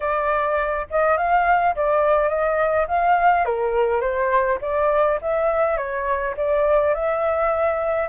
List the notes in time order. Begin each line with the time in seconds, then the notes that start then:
0.00 D5
0.90 D#5
1.17 F5
1.75 D5
2.28 D#5
2.87 F5
3.45 A#4
4.00 C5
4.61 D5
5.21 E5
5.77 C#5
6.36 D5
6.94 E5